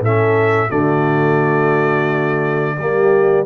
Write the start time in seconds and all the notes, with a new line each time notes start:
0.00 A2 C#4 A4 E5
0.69 D3 A3 F#4 D5
2.78 G3 A#3 G4